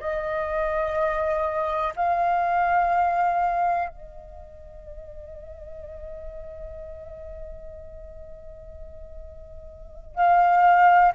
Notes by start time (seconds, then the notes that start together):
0.00 D#5
1.96 F5
3.89 D#5
10.15 F5